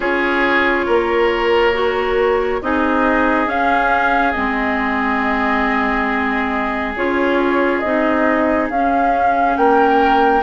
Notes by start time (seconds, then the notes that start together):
0.00 C#4 F4 G#4 C#5
0.86 A#3 A#4
1.73 F#4
2.61 C4 D#4 G#4 D#5
3.46 C#4 F5
4.32 G#3 C4 D#5
6.95 C#4 F4 C#5
7.79 C4 D#4 D#5
8.69 C#4 F5
9.56 A#3 A#4 G5